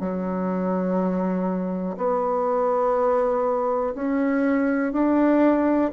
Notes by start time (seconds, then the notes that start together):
0.00 F#3
1.98 B3
3.96 C#4
4.93 D4